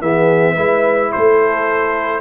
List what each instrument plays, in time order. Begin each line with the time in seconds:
0.00 tuba E3, trombone B3, horn G#4, trumpet E5
0.54 tuba G#3, trombone E4, horn B4
1.12 tuba A3, horn A4, trumpet C5